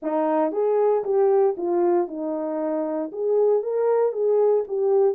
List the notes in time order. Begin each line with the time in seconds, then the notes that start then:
0.02 D#4
0.51 G#4
1.04 G4
1.57 F4
2.07 D#4
3.12 G#4
3.62 A#4
4.12 G#4
4.67 G4